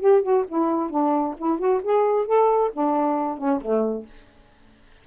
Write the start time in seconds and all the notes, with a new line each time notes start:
0.00 G4
0.22 F#4
0.48 E4
0.90 D4
1.38 E4
1.59 F#4
1.83 G#4
2.26 A4
2.73 D4
3.37 C#4
3.61 A3